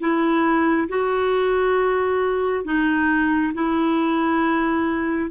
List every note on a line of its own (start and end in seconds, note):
0.00 0.88 E4
0.89 2.65 F#4
2.65 3.53 D#4
3.54 5.31 E4